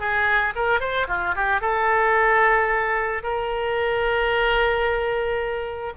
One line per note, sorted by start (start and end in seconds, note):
0.00 0.54 G#4
0.55 0.80 A#4
0.80 1.07 C5
1.08 1.35 F4
1.35 1.61 G4
1.61 3.23 A4
3.23 5.93 A#4